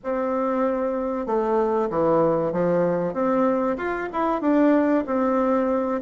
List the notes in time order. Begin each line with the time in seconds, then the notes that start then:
0.03 C4
1.26 A3
1.90 E3
2.52 F3
3.13 C4
3.77 F4
4.13 E4
4.41 D4
5.06 C4